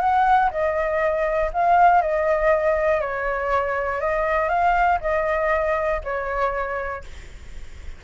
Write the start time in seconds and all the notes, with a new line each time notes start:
0.00 F#5
0.51 D#5
1.53 F5
2.02 D#5
3.01 C#5
4.00 D#5
4.49 F5
5.01 D#5
6.04 C#5